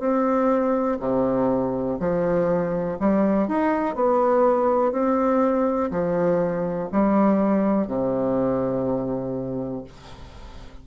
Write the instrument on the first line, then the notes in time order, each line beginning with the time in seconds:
bassoon
0.00 C4
1.00 C3
2.00 F3
3.00 G3
3.48 D#4
3.96 B3
4.92 C4
5.91 F3
6.93 G3
7.88 C3